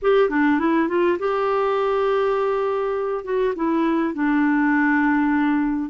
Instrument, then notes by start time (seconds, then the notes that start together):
clarinet
0.02 G4
0.29 D4
0.59 E4
0.88 F4
1.18 G4
3.24 F#4
3.55 E4
4.14 D4